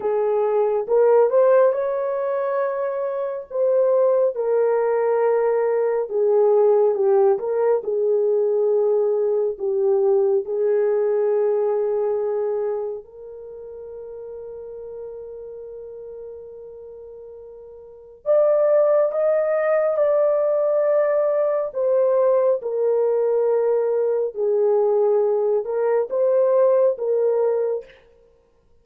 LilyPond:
\new Staff \with { instrumentName = "horn" } { \time 4/4 \tempo 4 = 69 gis'4 ais'8 c''8 cis''2 | c''4 ais'2 gis'4 | g'8 ais'8 gis'2 g'4 | gis'2. ais'4~ |
ais'1~ | ais'4 d''4 dis''4 d''4~ | d''4 c''4 ais'2 | gis'4. ais'8 c''4 ais'4 | }